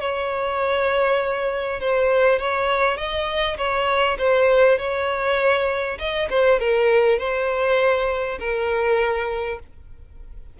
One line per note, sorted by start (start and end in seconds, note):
0.00 1.80 C#5
1.80 2.39 C5
2.39 2.97 C#5
2.97 3.57 D#5
3.57 4.17 C#5
4.18 4.78 C5
4.78 5.98 C#5
5.99 6.29 D#5
6.30 6.59 C5
6.59 7.19 A#4
7.19 8.39 C5
8.39 9.59 A#4